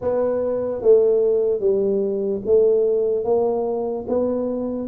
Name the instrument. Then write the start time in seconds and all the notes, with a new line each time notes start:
tuba
0.01 B3
0.81 A3
1.60 G3
2.45 A3
3.24 A#3
4.07 B3